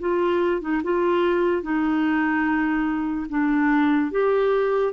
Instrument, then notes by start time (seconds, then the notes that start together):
clarinet
0.00 F4
0.61 D#4
0.83 F4
1.62 D#4
3.29 D4
4.11 G4